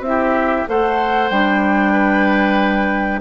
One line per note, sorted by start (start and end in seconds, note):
0.00 0.64 C4
0.00 0.67 E4
0.00 0.67 E5
0.08 0.69 G4
0.67 1.31 A3
0.67 1.31 A4
0.67 1.93 C5
0.67 1.29 F#5
1.29 3.21 G3
1.29 3.21 D4
1.29 3.21 G5
1.93 3.20 B4